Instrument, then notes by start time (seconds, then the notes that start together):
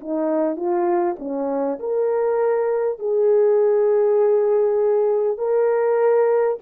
horn
0.00 D#4
0.56 F4
1.19 C#4
1.79 A#4
2.99 G#4
5.38 A#4